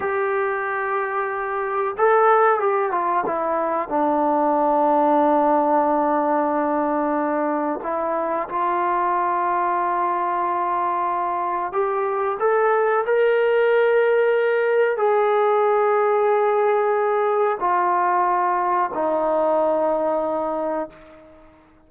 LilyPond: \new Staff \with { instrumentName = "trombone" } { \time 4/4 \tempo 4 = 92 g'2. a'4 | g'8 f'8 e'4 d'2~ | d'1 | e'4 f'2.~ |
f'2 g'4 a'4 | ais'2. gis'4~ | gis'2. f'4~ | f'4 dis'2. | }